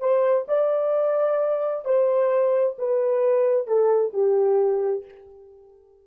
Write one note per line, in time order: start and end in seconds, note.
0.00 0.46 C5
0.48 1.85 D5
1.85 2.77 C5
2.79 3.67 B4
3.67 4.13 A4
4.13 5.05 G4